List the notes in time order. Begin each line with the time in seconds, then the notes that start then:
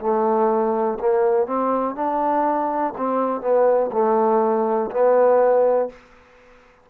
0.00 A3
1.00 A#3
1.47 C4
1.95 D4
2.97 C4
3.42 B3
3.92 A3
4.91 B3